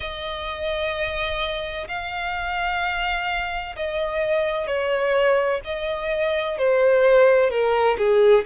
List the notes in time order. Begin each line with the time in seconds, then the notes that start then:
0.00 D#5
1.87 F5
3.76 D#5
4.67 C#5
5.64 D#5
6.58 C5
7.50 A#4
7.98 G#4